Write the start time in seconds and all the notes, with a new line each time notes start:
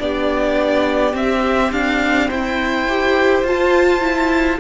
0.00 B3 D4 G4 D5
1.12 C4 E5
1.72 D4 F5
2.29 E4 C5 G5
2.89 G4
3.44 F4 A5
4.01 E4